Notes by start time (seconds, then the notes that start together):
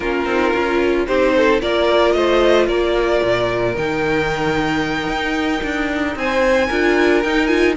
0.00 A#3 C#4 F4 A#4
0.25 C4 D#4
0.53 C#4 F4
1.06 C4 D#4 G4 C5
1.36 A4
1.60 A#3 F4 A#4 D5
2.12 A3 C5 D#5
2.67 A#3 A#4 D5
3.22 A#2
3.75 D#3 D#4 G5
5.07 D#4
5.63 D4
6.15 C4 C5 G#5
6.67 D4 F4 A#4
7.23 D#4 G5
7.46 F4 G#5